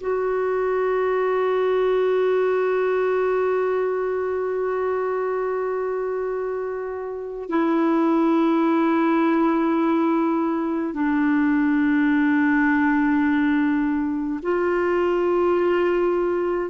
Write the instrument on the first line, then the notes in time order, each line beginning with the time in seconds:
clarinet
0.00 F#4
7.49 E4
10.94 D4
14.42 F4